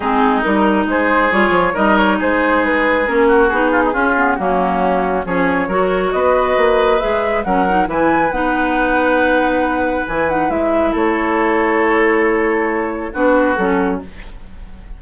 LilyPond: <<
  \new Staff \with { instrumentName = "flute" } { \time 4/4 \tempo 4 = 137 gis'4 ais'4 c''4 cis''4 | dis''8 cis''8 c''4 b'4 ais'4 | gis'2 fis'2 | cis''2 dis''2 |
e''4 fis''4 gis''4 fis''4~ | fis''2. gis''8 fis''8 | e''4 cis''2.~ | cis''2 b'4 a'4 | }
  \new Staff \with { instrumentName = "oboe" } { \time 4/4 dis'2 gis'2 | ais'4 gis'2~ gis'8 fis'8~ | fis'8 f'16 dis'16 f'4 cis'2 | gis'4 ais'4 b'2~ |
b'4 ais'4 b'2~ | b'1~ | b'4 a'2.~ | a'2 fis'2 | }
  \new Staff \with { instrumentName = "clarinet" } { \time 4/4 c'4 dis'2 f'4 | dis'2. cis'4 | dis'4 cis'8 b8 ais2 | cis'4 fis'2. |
gis'4 cis'8 dis'8 e'4 dis'4~ | dis'2. e'8 dis'8 | e'1~ | e'2 d'4 cis'4 | }
  \new Staff \with { instrumentName = "bassoon" } { \time 4/4 gis4 g4 gis4 g8 f8 | g4 gis2 ais4 | b4 cis'4 fis2 | f4 fis4 b4 ais4 |
gis4 fis4 e4 b4~ | b2. e4 | gis4 a2.~ | a2 b4 fis4 | }
>>